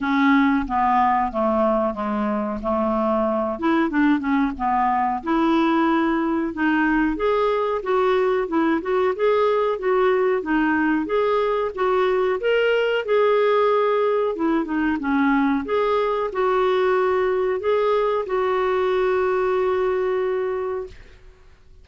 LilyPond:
\new Staff \with { instrumentName = "clarinet" } { \time 4/4 \tempo 4 = 92 cis'4 b4 a4 gis4 | a4. e'8 d'8 cis'8 b4 | e'2 dis'4 gis'4 | fis'4 e'8 fis'8 gis'4 fis'4 |
dis'4 gis'4 fis'4 ais'4 | gis'2 e'8 dis'8 cis'4 | gis'4 fis'2 gis'4 | fis'1 | }